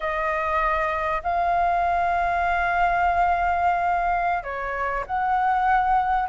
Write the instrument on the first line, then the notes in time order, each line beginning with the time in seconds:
flute
0.00 D#5
1.23 F5
4.43 C#5
5.06 F#5